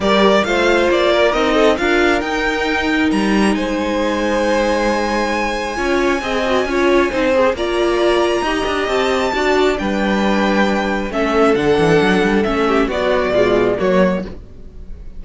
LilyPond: <<
  \new Staff \with { instrumentName = "violin" } { \time 4/4 \tempo 4 = 135 d''4 f''4 d''4 dis''4 | f''4 g''2 ais''4 | gis''1~ | gis''1~ |
gis''4 ais''2. | a''2 g''2~ | g''4 e''4 fis''2 | e''4 d''2 cis''4 | }
  \new Staff \with { instrumentName = "violin" } { \time 4/4 ais'4 c''4. ais'4 a'8 | ais'1 | c''1~ | c''4 cis''4 dis''4 cis''4 |
c''4 d''2 dis''4~ | dis''4 d''4 b'2~ | b'4 a'2.~ | a'8 g'8 fis'4 f'4 fis'4 | }
  \new Staff \with { instrumentName = "viola" } { \time 4/4 g'4 f'2 dis'4 | f'4 dis'2.~ | dis'1~ | dis'4 f'4 gis'8 fis'8 f'4 |
dis'8 gis'8 f'2 g'4~ | g'4 fis'4 d'2~ | d'4 cis'4 d'2 | cis'4 fis4 gis4 ais4 | }
  \new Staff \with { instrumentName = "cello" } { \time 4/4 g4 a4 ais4 c'4 | d'4 dis'2 g4 | gis1~ | gis4 cis'4 c'4 cis'4 |
c'4 ais2 dis'8 d'8 | c'4 d'4 g2~ | g4 a4 d8 e8 fis8 g8 | a4 b4 b,4 fis4 | }
>>